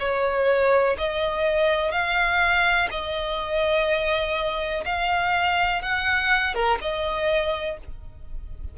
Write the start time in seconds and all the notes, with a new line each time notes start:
0.00 C#5
0.98 D#5
1.92 F5
2.91 D#5
4.86 F5
5.82 F#5
6.55 A#4
6.81 D#5